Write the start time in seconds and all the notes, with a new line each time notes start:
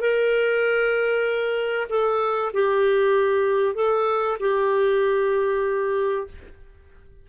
0.00 A#4
1.89 A4
2.53 G4
3.74 A4
4.39 G4